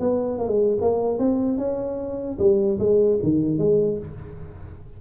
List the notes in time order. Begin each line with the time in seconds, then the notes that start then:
0.00 B3
0.39 A#3
0.48 G#3
0.81 A#3
1.19 C4
1.58 C#4
2.39 G3
2.79 G#3
3.23 D#3
3.59 G#3